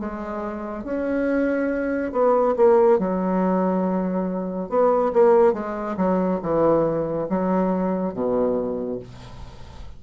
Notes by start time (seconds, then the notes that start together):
0.00 G#3
0.84 C#4
2.12 B3
2.57 A#3
2.99 F#3
4.69 B3
5.14 A#3
5.53 G#3
5.97 F#3
6.42 E3
7.30 F#3
8.14 B2